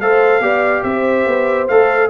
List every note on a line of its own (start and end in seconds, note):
0.00 0.40 A3
0.00 0.41 A4
0.00 0.42 C5
0.00 0.83 F5
0.40 0.82 B3
0.40 1.68 G4
0.40 0.84 D5
0.83 1.25 C4
0.83 2.10 C5
0.83 1.67 E5
1.26 1.69 B3
1.68 2.10 A3
1.68 2.10 A4
1.68 2.10 F5